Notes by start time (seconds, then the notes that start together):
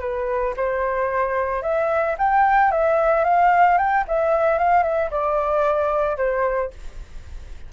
0.00 B4
0.56 C5
1.62 E5
2.18 G5
2.72 E5
3.24 F5
3.77 G5
4.08 E5
4.58 F5
4.83 E5
5.10 D5
6.17 C5